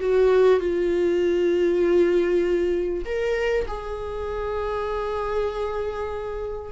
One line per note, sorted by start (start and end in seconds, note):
0.00 0.60 F#4
0.60 3.05 F4
3.05 3.67 A#4
3.68 6.72 G#4